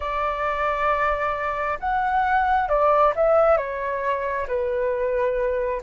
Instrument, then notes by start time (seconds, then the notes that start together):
flute
0.00 D5
1.79 F#5
2.68 D5
3.15 E5
3.57 C#5
4.47 B4